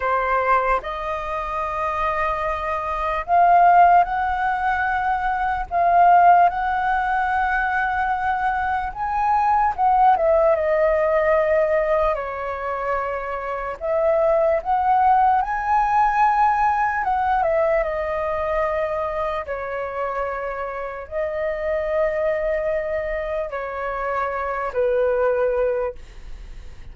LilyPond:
\new Staff \with { instrumentName = "flute" } { \time 4/4 \tempo 4 = 74 c''4 dis''2. | f''4 fis''2 f''4 | fis''2. gis''4 | fis''8 e''8 dis''2 cis''4~ |
cis''4 e''4 fis''4 gis''4~ | gis''4 fis''8 e''8 dis''2 | cis''2 dis''2~ | dis''4 cis''4. b'4. | }